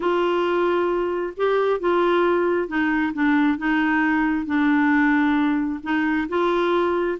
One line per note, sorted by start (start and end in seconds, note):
0.00 1.33 F4
1.37 1.80 G4
1.80 2.68 F4
2.68 3.12 D#4
3.13 3.58 D4
3.58 4.46 D#4
4.46 5.80 D4
5.83 6.28 D#4
6.28 7.18 F4